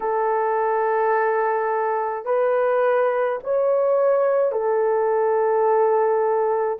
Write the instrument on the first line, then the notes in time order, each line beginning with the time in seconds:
horn
0.00 A4
2.25 B4
3.43 C#5
4.51 A4